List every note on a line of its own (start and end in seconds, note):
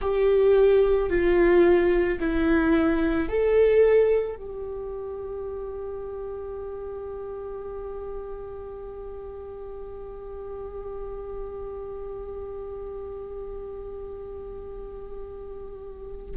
0.01 1.09 G4
1.09 2.18 F4
2.19 3.28 E4
3.28 4.36 A4
4.36 16.36 G4